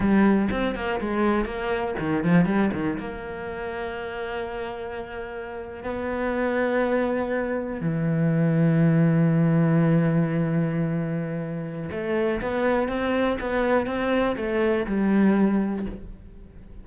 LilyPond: \new Staff \with { instrumentName = "cello" } { \time 4/4 \tempo 4 = 121 g4 c'8 ais8 gis4 ais4 | dis8 f8 g8 dis8 ais2~ | ais2.~ ais8. b16~ | b2.~ b8. e16~ |
e1~ | e1 | a4 b4 c'4 b4 | c'4 a4 g2 | }